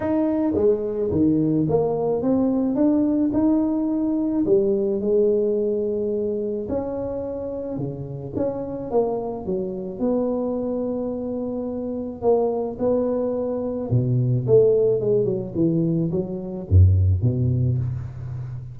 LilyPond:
\new Staff \with { instrumentName = "tuba" } { \time 4/4 \tempo 4 = 108 dis'4 gis4 dis4 ais4 | c'4 d'4 dis'2 | g4 gis2. | cis'2 cis4 cis'4 |
ais4 fis4 b2~ | b2 ais4 b4~ | b4 b,4 a4 gis8 fis8 | e4 fis4 fis,4 b,4 | }